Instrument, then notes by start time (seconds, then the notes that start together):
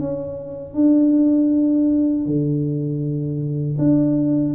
tuba
0.00 C#4
0.75 D4
2.26 D3
3.79 D4